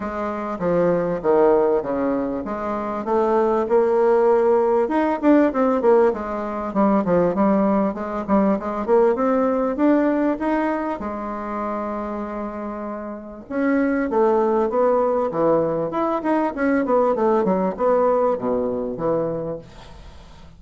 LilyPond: \new Staff \with { instrumentName = "bassoon" } { \time 4/4 \tempo 4 = 98 gis4 f4 dis4 cis4 | gis4 a4 ais2 | dis'8 d'8 c'8 ais8 gis4 g8 f8 | g4 gis8 g8 gis8 ais8 c'4 |
d'4 dis'4 gis2~ | gis2 cis'4 a4 | b4 e4 e'8 dis'8 cis'8 b8 | a8 fis8 b4 b,4 e4 | }